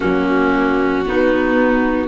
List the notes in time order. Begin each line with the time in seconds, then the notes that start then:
0.00 F#3 A#3 C#4 F#4
1.05 B3 D#4